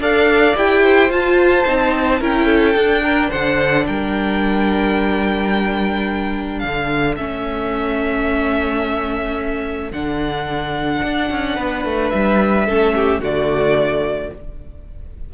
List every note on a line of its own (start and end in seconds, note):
0.00 0.55 D4
0.00 0.56 A4
0.00 0.84 D5
0.00 0.57 F5
0.56 1.10 E4
0.56 1.11 G4
0.56 1.12 G5
0.84 2.20 C5
1.10 1.65 F4
1.10 1.66 F4
1.10 2.22 A5
1.67 2.21 C4
1.67 2.21 D#4
2.20 2.75 C#4
2.20 2.76 E4
2.20 2.47 A#4
2.20 3.31 G5
2.47 3.02 A4
2.75 3.30 D4
2.75 7.17 D4
3.04 3.30 A#4
3.30 3.88 D3
3.30 3.85 C5
3.30 3.86 F#5
3.87 6.64 G3
3.87 6.61 A#4
3.87 6.60 G5
6.60 7.18 D3
6.60 11.56 A4
6.60 7.15 F5
7.17 9.92 A3
7.17 9.92 C#4
7.17 9.92 E5
9.92 11.02 D3
9.92 12.69 D4
9.92 12.10 F#5
11.03 11.31 D4
11.31 11.58 C#4
11.56 11.85 B3
11.56 12.66 B4
11.85 12.13 A3
12.10 12.68 G3
12.10 13.20 E5
12.66 13.19 A3
12.66 13.23 C#4
12.66 12.94 A4
12.95 13.22 G4
13.19 14.30 D3
13.19 14.33 A3
13.19 14.32 F#4
13.19 14.34 D5